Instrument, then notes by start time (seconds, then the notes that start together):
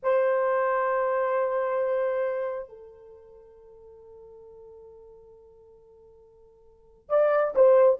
horn
0.02 C5
2.68 A4
7.09 D5
7.55 C5